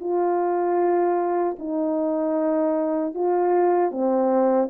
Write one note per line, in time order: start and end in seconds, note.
0.00 1.56 F4
1.59 3.14 D#4
3.14 3.91 F4
3.91 4.69 C4